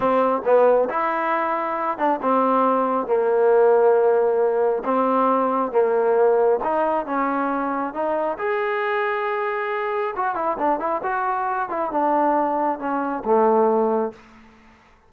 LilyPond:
\new Staff \with { instrumentName = "trombone" } { \time 4/4 \tempo 4 = 136 c'4 b4 e'2~ | e'8 d'8 c'2 ais4~ | ais2. c'4~ | c'4 ais2 dis'4 |
cis'2 dis'4 gis'4~ | gis'2. fis'8 e'8 | d'8 e'8 fis'4. e'8 d'4~ | d'4 cis'4 a2 | }